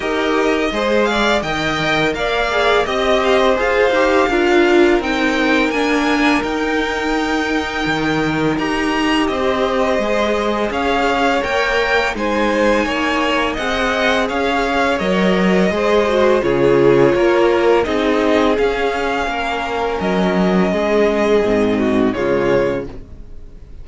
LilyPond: <<
  \new Staff \with { instrumentName = "violin" } { \time 4/4 \tempo 4 = 84 dis''4. f''8 g''4 f''4 | dis''4 f''2 g''4 | gis''4 g''2. | ais''4 dis''2 f''4 |
g''4 gis''2 fis''4 | f''4 dis''2 cis''4~ | cis''4 dis''4 f''2 | dis''2. cis''4 | }
  \new Staff \with { instrumentName = "violin" } { \time 4/4 ais'4 c''8 d''8 dis''4 d''4 | dis''8 f''16 c''4~ c''16 ais'2~ | ais'1~ | ais'4 c''2 cis''4~ |
cis''4 c''4 cis''4 dis''4 | cis''2 c''4 gis'4 | ais'4 gis'2 ais'4~ | ais'4 gis'4. fis'8 f'4 | }
  \new Staff \with { instrumentName = "viola" } { \time 4/4 g'4 gis'4 ais'4. gis'8 | g'4 gis'8 g'8 f'4 dis'4 | d'4 dis'2. | g'2 gis'2 |
ais'4 dis'2 gis'4~ | gis'4 ais'4 gis'8 fis'8 f'4~ | f'4 dis'4 cis'2~ | cis'2 c'4 gis4 | }
  \new Staff \with { instrumentName = "cello" } { \time 4/4 dis'4 gis4 dis4 ais4 | c'4 f'8 dis'8 d'4 c'4 | ais4 dis'2 dis4 | dis'4 c'4 gis4 cis'4 |
ais4 gis4 ais4 c'4 | cis'4 fis4 gis4 cis4 | ais4 c'4 cis'4 ais4 | fis4 gis4 gis,4 cis4 | }
>>